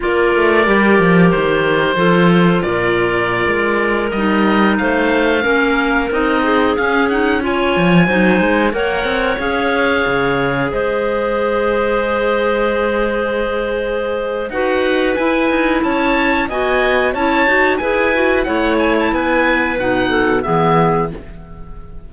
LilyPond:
<<
  \new Staff \with { instrumentName = "oboe" } { \time 4/4 \tempo 4 = 91 d''2 c''2 | d''2~ d''16 dis''4 f''8.~ | f''4~ f''16 dis''4 f''8 fis''8 gis''8.~ | gis''4~ gis''16 fis''4 f''4.~ f''16~ |
f''16 dis''2.~ dis''8.~ | dis''2 fis''4 gis''4 | a''4 gis''4 a''4 gis''4 | fis''8 gis''16 a''16 gis''4 fis''4 e''4 | }
  \new Staff \with { instrumentName = "clarinet" } { \time 4/4 ais'2. a'4 | ais'2.~ ais'16 c''8.~ | c''16 ais'4. gis'4. cis''8.~ | cis''16 c''4 cis''2~ cis''8.~ |
cis''16 c''2.~ c''8.~ | c''2 b'2 | cis''4 dis''4 cis''4 b'4 | cis''4 b'4. a'8 gis'4 | }
  \new Staff \with { instrumentName = "clarinet" } { \time 4/4 f'4 g'2 f'4~ | f'2~ f'16 dis'4.~ dis'16~ | dis'16 cis'4 dis'4 cis'8 dis'8 f'8.~ | f'16 dis'4 ais'4 gis'4.~ gis'16~ |
gis'1~ | gis'2 fis'4 e'4~ | e'4 fis'4 e'8 fis'8 gis'8 fis'8 | e'2 dis'4 b4 | }
  \new Staff \with { instrumentName = "cello" } { \time 4/4 ais8 a8 g8 f8 dis4 f4 | ais,4~ ais,16 gis4 g4 a8.~ | a16 ais4 c'4 cis'4. f16~ | f16 fis8 gis8 ais8 c'8 cis'4 cis8.~ |
cis16 gis2.~ gis8.~ | gis2 dis'4 e'8 dis'8 | cis'4 b4 cis'8 dis'8 e'4 | a4 b4 b,4 e4 | }
>>